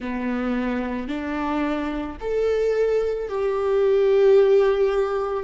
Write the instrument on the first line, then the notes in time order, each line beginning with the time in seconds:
viola
0.00 B3
1.08 D4
2.20 A4
3.28 G4